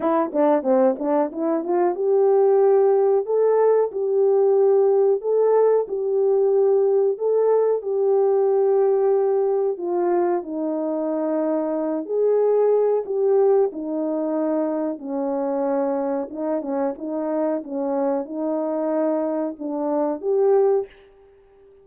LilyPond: \new Staff \with { instrumentName = "horn" } { \time 4/4 \tempo 4 = 92 e'8 d'8 c'8 d'8 e'8 f'8 g'4~ | g'4 a'4 g'2 | a'4 g'2 a'4 | g'2. f'4 |
dis'2~ dis'8 gis'4. | g'4 dis'2 cis'4~ | cis'4 dis'8 cis'8 dis'4 cis'4 | dis'2 d'4 g'4 | }